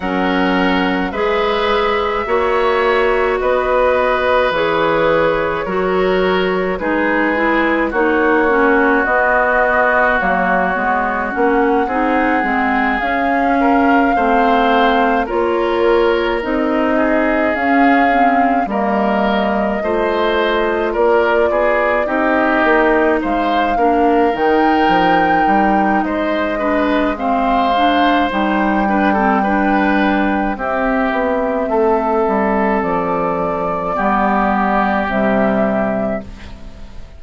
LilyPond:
<<
  \new Staff \with { instrumentName = "flute" } { \time 4/4 \tempo 4 = 53 fis''4 e''2 dis''4 | cis''2 b'4 cis''4 | dis''4 cis''4 fis''4. f''8~ | f''4. cis''4 dis''4 f''8~ |
f''8 dis''2 d''4 dis''8~ | dis''8 f''4 g''4. dis''4 | f''4 g''2 e''4~ | e''4 d''2 e''4 | }
  \new Staff \with { instrumentName = "oboe" } { \time 4/4 ais'4 b'4 cis''4 b'4~ | b'4 ais'4 gis'4 fis'4~ | fis'2~ fis'8 gis'4. | ais'8 c''4 ais'4. gis'4~ |
gis'8 ais'4 c''4 ais'8 gis'8 g'8~ | g'8 c''8 ais'2 c''8 b'8 | c''4. b'16 a'16 b'4 g'4 | a'2 g'2 | }
  \new Staff \with { instrumentName = "clarinet" } { \time 4/4 cis'4 gis'4 fis'2 | gis'4 fis'4 dis'8 e'8 dis'8 cis'8 | b4 ais8 b8 cis'8 dis'8 c'8 cis'8~ | cis'8 c'4 f'4 dis'4 cis'8 |
c'8 ais4 f'2 dis'8~ | dis'4 d'8 dis'2 d'8 | c'8 d'8 dis'8 d'16 c'16 d'4 c'4~ | c'2 b4 g4 | }
  \new Staff \with { instrumentName = "bassoon" } { \time 4/4 fis4 gis4 ais4 b4 | e4 fis4 gis4 ais4 | b4 fis8 gis8 ais8 c'8 gis8 cis'8~ | cis'8 a4 ais4 c'4 cis'8~ |
cis'8 g4 a4 ais8 b8 c'8 | ais8 gis8 ais8 dis8 f8 g8 gis4~ | gis4 g2 c'8 b8 | a8 g8 f4 g4 c4 | }
>>